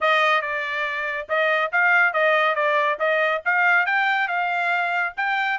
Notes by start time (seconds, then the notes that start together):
0.00 D#5
0.41 D5
1.28 D#5
1.72 F5
2.13 D#5
2.55 D5
2.99 D#5
3.45 F5
3.86 G5
4.28 F5
5.16 G5